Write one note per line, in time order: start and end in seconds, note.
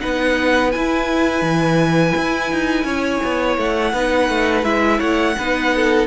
0.00 0.75 B3
0.00 0.71 D#4
0.00 2.86 B4
0.00 0.71 F#5
0.71 3.94 E4
0.71 1.42 E4
0.71 3.57 G#5
1.42 2.13 E3
2.17 2.52 E4
2.52 2.84 D#4
2.84 3.19 C#4
2.84 3.93 C#5
3.24 3.57 B3
3.57 3.93 A3
3.57 4.64 F#5
3.93 4.29 B3
3.93 4.64 D#4
3.93 4.98 B4
4.29 4.64 A3
4.64 4.99 G#3
4.64 5.35 E4
4.64 5.00 E5
4.98 5.36 A3
4.98 5.34 C#5
4.98 6.07 F#5
5.39 6.07 B3
5.39 6.07 D#4
5.39 5.75 B4
5.75 6.07 A4